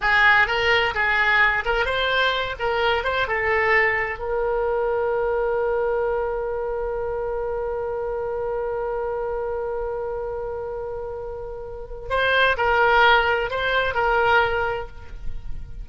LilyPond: \new Staff \with { instrumentName = "oboe" } { \time 4/4 \tempo 4 = 129 gis'4 ais'4 gis'4. ais'8 | c''4. ais'4 c''8 a'4~ | a'4 ais'2.~ | ais'1~ |
ais'1~ | ais'1~ | ais'2 c''4 ais'4~ | ais'4 c''4 ais'2 | }